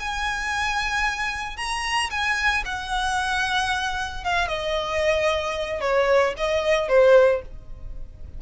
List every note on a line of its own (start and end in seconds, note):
0.00 1.57 G#5
1.57 2.10 A#5
2.11 2.64 G#5
2.65 4.25 F#5
4.25 4.48 F5
4.48 5.81 D#5
5.81 6.34 C#5
6.38 6.89 D#5
6.89 7.42 C5